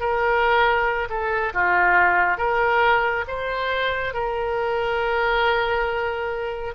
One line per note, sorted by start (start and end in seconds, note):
0.00 1.09 A#4
1.09 1.53 A4
1.54 2.38 F4
2.38 3.25 A#4
3.28 4.14 C5
4.14 6.75 A#4